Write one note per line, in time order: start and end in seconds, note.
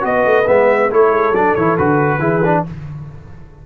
0.00 0.25 B3
0.00 0.43 F#4
0.00 0.47 D#5
0.07 0.89 B4
0.25 0.47 A3
0.46 0.90 G#3
0.46 0.90 B3
0.46 0.91 E5
0.89 1.11 A3
0.89 1.33 E4
0.89 2.18 A4
0.89 1.35 C#5
1.11 1.31 G#3
1.31 1.52 F#3
1.31 1.57 D4
1.31 1.55 D5
1.55 1.78 E3
1.55 1.78 E4
1.55 1.77 C#5
1.77 2.18 D3
1.77 2.20 F#4
1.77 2.64 B4
2.18 2.62 E3
2.18 2.41 E4
2.18 2.62 G#4
2.44 2.66 D4